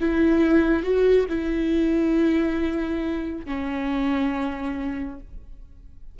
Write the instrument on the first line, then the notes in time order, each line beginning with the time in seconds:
viola
0.00 E4
0.83 F#4
1.28 E4
3.45 C#4